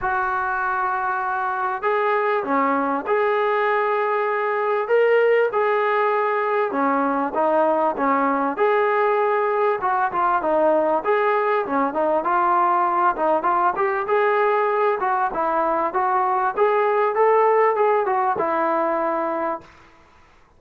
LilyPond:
\new Staff \with { instrumentName = "trombone" } { \time 4/4 \tempo 4 = 98 fis'2. gis'4 | cis'4 gis'2. | ais'4 gis'2 cis'4 | dis'4 cis'4 gis'2 |
fis'8 f'8 dis'4 gis'4 cis'8 dis'8 | f'4. dis'8 f'8 g'8 gis'4~ | gis'8 fis'8 e'4 fis'4 gis'4 | a'4 gis'8 fis'8 e'2 | }